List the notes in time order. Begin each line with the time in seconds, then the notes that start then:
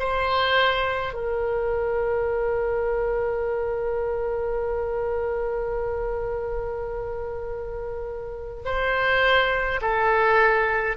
0.00 C5
1.14 A#4
8.65 C5
9.82 A4